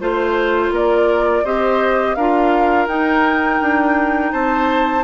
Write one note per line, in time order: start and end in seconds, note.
0.00 0.71 A3
0.00 1.45 F4
0.00 0.73 C5
0.71 1.43 A#3
0.71 1.44 A#4
0.71 1.45 D5
1.44 2.16 C4
1.44 2.17 G4
1.44 2.16 C5
1.44 2.15 D#5
2.15 2.87 D4
2.15 2.89 F4
2.15 4.32 A#4
2.15 2.87 F5
2.87 3.60 D#4
2.87 5.04 D#4
2.87 4.32 G5
3.61 4.33 D4
4.32 5.04 C4
4.32 5.04 C5
4.32 5.04 A5